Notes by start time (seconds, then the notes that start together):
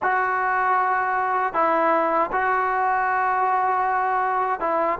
0.02 F#4
1.53 E4
2.31 F#4
4.60 E4